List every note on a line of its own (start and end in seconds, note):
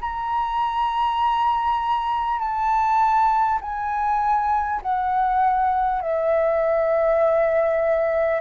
0.00 2.39 A#5
2.39 3.59 A5
3.61 4.81 G#5
4.82 6.01 F#5
6.01 8.41 E5